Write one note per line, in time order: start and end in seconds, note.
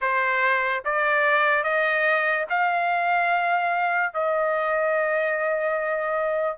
0.01 0.83 C5
0.84 1.63 D5
1.63 2.45 D#5
2.49 4.13 F5
4.13 6.58 D#5